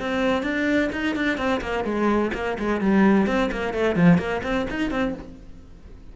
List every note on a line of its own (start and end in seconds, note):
0.00 0.43 C4
0.43 0.90 D4
0.93 1.16 D#4
1.16 1.38 D4
1.38 1.61 C4
1.62 1.85 A#3
1.85 2.32 G#3
2.34 2.58 A#3
2.59 2.81 G#3
2.81 3.27 G3
3.27 3.50 C4
3.52 3.74 A#3
3.74 3.96 A3
3.96 4.18 F3
4.18 4.42 A#3
4.43 4.67 C4
4.70 4.91 D#4
4.91 5.14 C4